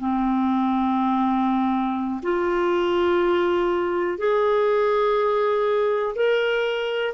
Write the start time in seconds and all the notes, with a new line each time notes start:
0.00 C4
2.23 F4
4.19 G#4
6.16 A#4